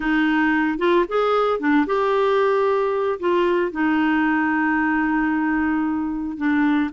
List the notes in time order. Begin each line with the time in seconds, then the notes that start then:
0.00 D#4
0.78 F4
1.08 G#4
1.59 D4
1.86 G4
3.19 F4
3.71 D#4
6.37 D4